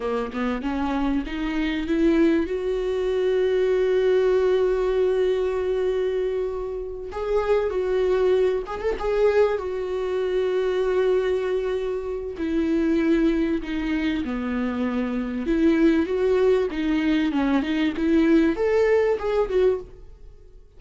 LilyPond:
\new Staff \with { instrumentName = "viola" } { \time 4/4 \tempo 4 = 97 ais8 b8 cis'4 dis'4 e'4 | fis'1~ | fis'2.~ fis'8 gis'8~ | gis'8 fis'4. gis'16 a'16 gis'4 fis'8~ |
fis'1 | e'2 dis'4 b4~ | b4 e'4 fis'4 dis'4 | cis'8 dis'8 e'4 a'4 gis'8 fis'8 | }